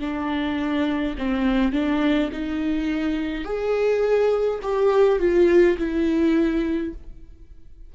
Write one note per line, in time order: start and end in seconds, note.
0.00 1.15 D4
1.18 1.73 C4
1.73 2.30 D4
2.32 3.45 D#4
3.45 4.60 G#4
4.63 5.19 G4
5.19 5.77 F4
5.78 6.93 E4